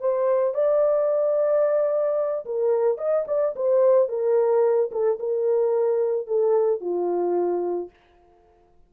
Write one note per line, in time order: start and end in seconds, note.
0.00 0.54 C5
0.54 2.45 D5
2.45 2.98 A#4
2.98 3.25 D#5
3.27 3.55 D5
3.56 4.08 C5
4.08 4.90 A#4
4.91 5.18 A4
5.19 6.27 A#4
6.27 6.80 A4
6.80 7.89 F4